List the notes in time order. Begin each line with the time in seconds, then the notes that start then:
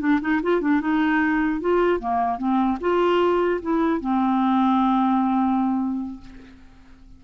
0.00 D4
0.21 D#4
0.43 F4
0.61 D4
0.81 D#4
1.61 F4
2.00 A#3
2.39 C4
2.81 F4
3.62 E4
4.01 C4